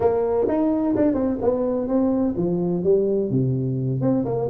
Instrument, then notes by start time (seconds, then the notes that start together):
tuba
0.00 A#3
0.48 D#4
0.96 D4
1.14 C4
1.41 B3
1.87 C4
2.36 F3
2.83 G3
3.30 C3
4.01 C4
4.25 A#3